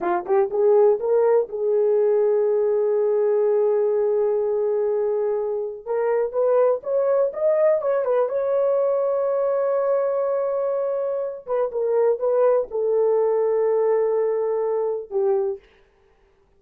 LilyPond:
\new Staff \with { instrumentName = "horn" } { \time 4/4 \tempo 4 = 123 f'8 g'8 gis'4 ais'4 gis'4~ | gis'1~ | gis'1 | ais'4 b'4 cis''4 dis''4 |
cis''8 b'8 cis''2.~ | cis''2.~ cis''8 b'8 | ais'4 b'4 a'2~ | a'2. g'4 | }